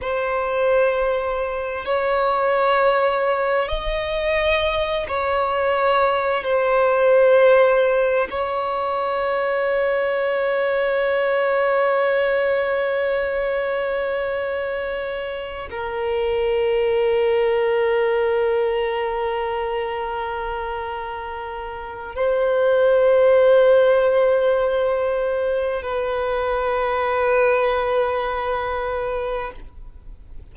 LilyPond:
\new Staff \with { instrumentName = "violin" } { \time 4/4 \tempo 4 = 65 c''2 cis''2 | dis''4. cis''4. c''4~ | c''4 cis''2.~ | cis''1~ |
cis''4 ais'2.~ | ais'1 | c''1 | b'1 | }